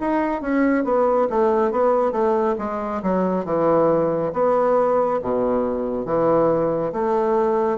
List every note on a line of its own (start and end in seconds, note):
0.00 0.41 D#4
0.41 0.84 C#4
0.84 1.28 B3
1.30 1.72 A3
1.72 2.12 B3
2.12 2.55 A3
2.58 3.02 G#3
3.03 3.45 F#3
3.45 4.32 E3
4.33 5.20 B3
5.22 6.05 B2
6.05 6.92 E3
6.93 7.78 A3